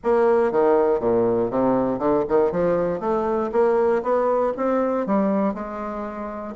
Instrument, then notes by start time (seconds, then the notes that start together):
bassoon
0.03 A#3
0.51 D#3
1.00 A#2
1.50 C3
1.98 D3
2.28 D#3
2.51 F3
3.00 A3
3.52 A#3
4.02 B3
4.57 C4
5.06 G3
5.53 G#3